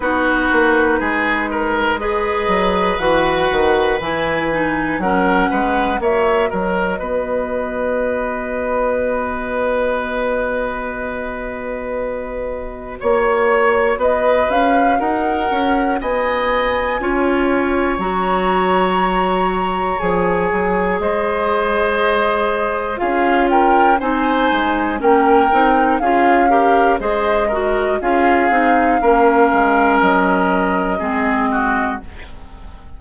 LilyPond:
<<
  \new Staff \with { instrumentName = "flute" } { \time 4/4 \tempo 4 = 60 b'2 dis''4 fis''4 | gis''4 fis''4 e''8 dis''4.~ | dis''1~ | dis''4 cis''4 dis''8 f''8 fis''4 |
gis''2 ais''2 | gis''4 dis''2 f''8 g''8 | gis''4 g''4 f''4 dis''4 | f''2 dis''2 | }
  \new Staff \with { instrumentName = "oboe" } { \time 4/4 fis'4 gis'8 ais'8 b'2~ | b'4 ais'8 b'8 cis''8 ais'8 b'4~ | b'1~ | b'4 cis''4 b'4 ais'4 |
dis''4 cis''2.~ | cis''4 c''2 gis'8 ais'8 | c''4 ais'4 gis'8 ais'8 c''8 ais'8 | gis'4 ais'2 gis'8 fis'8 | }
  \new Staff \with { instrumentName = "clarinet" } { \time 4/4 dis'2 gis'4 fis'4 | e'8 dis'8 cis'4 fis'2~ | fis'1~ | fis'1~ |
fis'4 f'4 fis'2 | gis'2. f'4 | dis'4 cis'8 dis'8 f'8 g'8 gis'8 fis'8 | f'8 dis'8 cis'2 c'4 | }
  \new Staff \with { instrumentName = "bassoon" } { \time 4/4 b8 ais8 gis4. fis8 e8 dis8 | e4 fis8 gis8 ais8 fis8 b4~ | b1~ | b4 ais4 b8 cis'8 dis'8 cis'8 |
b4 cis'4 fis2 | f8 fis8 gis2 cis'4 | c'8 gis8 ais8 c'8 cis'4 gis4 | cis'8 c'8 ais8 gis8 fis4 gis4 | }
>>